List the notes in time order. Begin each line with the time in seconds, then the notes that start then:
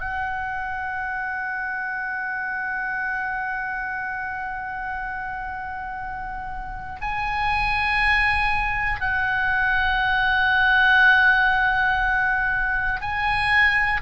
0.00 F#5
7.01 G#5
9.00 F#5
13.01 G#5